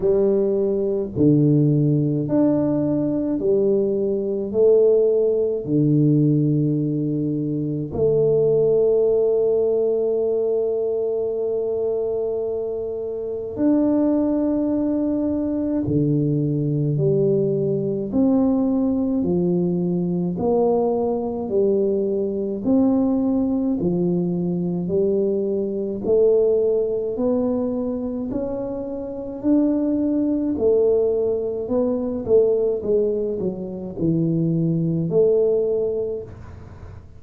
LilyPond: \new Staff \with { instrumentName = "tuba" } { \time 4/4 \tempo 4 = 53 g4 d4 d'4 g4 | a4 d2 a4~ | a1 | d'2 d4 g4 |
c'4 f4 ais4 g4 | c'4 f4 g4 a4 | b4 cis'4 d'4 a4 | b8 a8 gis8 fis8 e4 a4 | }